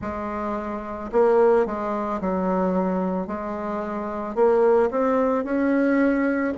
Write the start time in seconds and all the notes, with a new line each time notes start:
0.01 G#3
1.12 A#3
1.66 G#3
2.20 F#3
3.27 G#3
4.35 A#3
4.90 C4
5.44 C#4